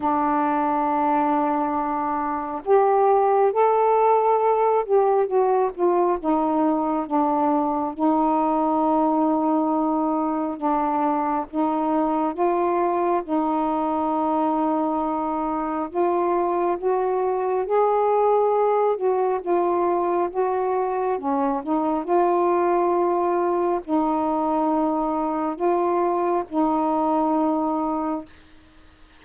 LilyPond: \new Staff \with { instrumentName = "saxophone" } { \time 4/4 \tempo 4 = 68 d'2. g'4 | a'4. g'8 fis'8 f'8 dis'4 | d'4 dis'2. | d'4 dis'4 f'4 dis'4~ |
dis'2 f'4 fis'4 | gis'4. fis'8 f'4 fis'4 | cis'8 dis'8 f'2 dis'4~ | dis'4 f'4 dis'2 | }